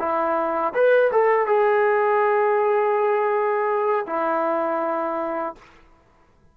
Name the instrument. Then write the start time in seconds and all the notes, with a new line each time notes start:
trombone
0.00 E4
0.75 B4
1.12 A4
1.47 G#4
4.07 E4